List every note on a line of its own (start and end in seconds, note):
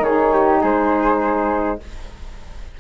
0.00 0.58 D#3
0.00 1.80 D#4
0.00 0.34 G#4
0.00 0.62 C#5
0.34 0.62 G4
0.62 1.80 G#3
0.62 1.79 G#4
0.62 1.80 C5